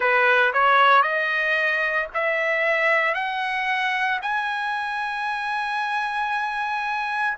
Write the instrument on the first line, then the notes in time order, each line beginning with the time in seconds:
trumpet
0.00 B4
0.53 C#5
1.02 D#5
2.13 E5
3.14 F#5
4.22 G#5